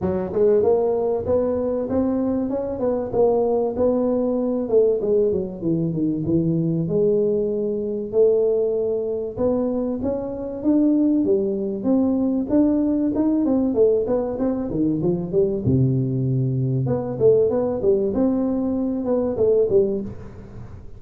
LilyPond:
\new Staff \with { instrumentName = "tuba" } { \time 4/4 \tempo 4 = 96 fis8 gis8 ais4 b4 c'4 | cis'8 b8 ais4 b4. a8 | gis8 fis8 e8 dis8 e4 gis4~ | gis4 a2 b4 |
cis'4 d'4 g4 c'4 | d'4 dis'8 c'8 a8 b8 c'8 dis8 | f8 g8 c2 b8 a8 | b8 g8 c'4. b8 a8 g8 | }